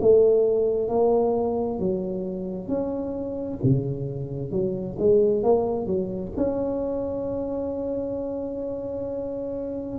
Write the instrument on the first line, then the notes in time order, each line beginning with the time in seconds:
tuba
0.00 A3
0.88 A#3
1.79 F#3
2.68 C#4
3.63 C#3
4.51 F#3
4.98 G#3
5.43 A#3
5.86 F#3
6.37 C#4